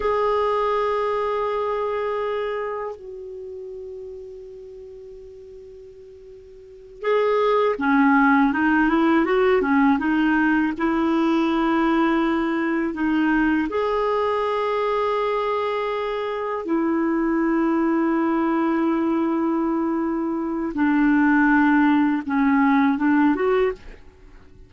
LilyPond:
\new Staff \with { instrumentName = "clarinet" } { \time 4/4 \tempo 4 = 81 gis'1 | fis'1~ | fis'4. gis'4 cis'4 dis'8 | e'8 fis'8 cis'8 dis'4 e'4.~ |
e'4. dis'4 gis'4.~ | gis'2~ gis'8 e'4.~ | e'1 | d'2 cis'4 d'8 fis'8 | }